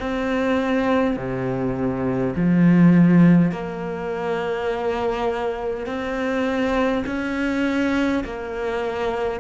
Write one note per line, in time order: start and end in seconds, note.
0.00 1.17 C4
1.17 2.35 C3
2.36 3.52 F3
3.52 5.87 A#3
5.87 7.04 C4
7.06 8.24 C#4
8.25 9.41 A#3